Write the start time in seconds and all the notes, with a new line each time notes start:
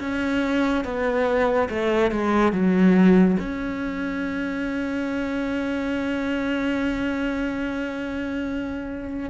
0.00 C#4
0.85 B3
1.69 A3
2.11 G#3
2.52 F#3
3.39 C#4